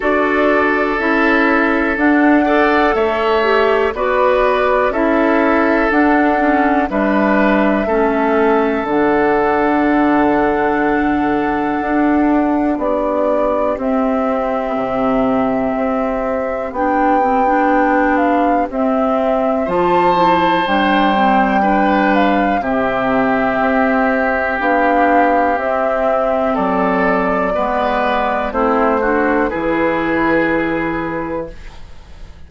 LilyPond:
<<
  \new Staff \with { instrumentName = "flute" } { \time 4/4 \tempo 4 = 61 d''4 e''4 fis''4 e''4 | d''4 e''4 fis''4 e''4~ | e''4 fis''2.~ | fis''4 d''4 e''2~ |
e''4 g''4. f''8 e''4 | a''4 g''4. f''8 e''4~ | e''4 f''4 e''4 d''4~ | d''4 c''4 b'2 | }
  \new Staff \with { instrumentName = "oboe" } { \time 4/4 a'2~ a'8 d''8 cis''4 | b'4 a'2 b'4 | a'1~ | a'4 g'2.~ |
g'1 | c''2 b'4 g'4~ | g'2. a'4 | b'4 e'8 fis'8 gis'2 | }
  \new Staff \with { instrumentName = "clarinet" } { \time 4/4 fis'4 e'4 d'8 a'4 g'8 | fis'4 e'4 d'8 cis'8 d'4 | cis'4 d'2.~ | d'2 c'2~ |
c'4 d'8 c'16 d'4~ d'16 c'4 | f'8 e'8 d'8 c'8 d'4 c'4~ | c'4 d'4 c'2 | b4 c'8 d'8 e'2 | }
  \new Staff \with { instrumentName = "bassoon" } { \time 4/4 d'4 cis'4 d'4 a4 | b4 cis'4 d'4 g4 | a4 d2. | d'4 b4 c'4 c4 |
c'4 b2 c'4 | f4 g2 c4 | c'4 b4 c'4 fis4 | gis4 a4 e2 | }
>>